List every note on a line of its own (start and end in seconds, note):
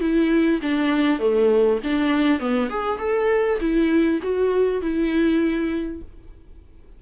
0.00 0.60 E4
0.62 1.19 D4
1.19 1.79 A3
1.83 2.39 D4
2.39 2.69 B3
2.69 2.99 G#4
2.99 3.59 A4
3.60 4.20 E4
4.22 4.82 F#4
4.82 6.02 E4